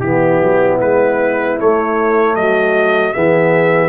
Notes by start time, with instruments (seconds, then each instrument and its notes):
0.00 tuba E3, trombone B3, horn E4, trumpet G4
0.41 tuba F#3
0.81 tuba G#3, trumpet B4
1.59 trombone A3, tuba A3, trumpet C#5
2.35 tuba F#3, horn F#4, trumpet D#5
3.13 tuba E3, trombone B3, horn G#4, trumpet E5